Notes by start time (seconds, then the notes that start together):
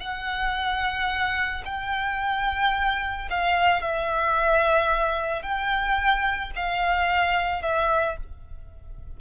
0.00 F#5
1.65 G5
3.30 F5
3.82 E5
5.42 G5
6.56 F5
7.62 E5